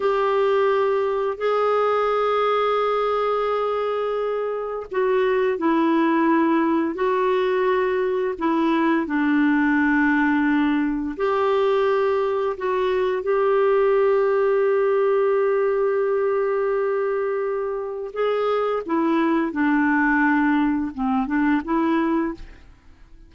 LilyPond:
\new Staff \with { instrumentName = "clarinet" } { \time 4/4 \tempo 4 = 86 g'2 gis'2~ | gis'2. fis'4 | e'2 fis'2 | e'4 d'2. |
g'2 fis'4 g'4~ | g'1~ | g'2 gis'4 e'4 | d'2 c'8 d'8 e'4 | }